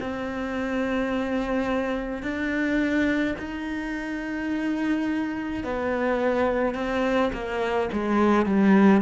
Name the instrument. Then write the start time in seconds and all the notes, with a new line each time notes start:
cello
0.00 C4
2.22 D4
3.38 D#4
5.63 B3
6.74 C4
7.33 A#3
7.92 G#3
8.45 G3